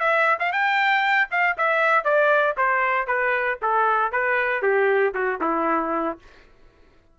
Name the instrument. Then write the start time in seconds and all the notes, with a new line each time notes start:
trumpet
0.00 E5
0.40 F5
0.52 G5
1.31 F5
1.58 E5
2.05 D5
2.57 C5
3.07 B4
3.62 A4
4.12 B4
4.63 G4
5.14 F#4
5.41 E4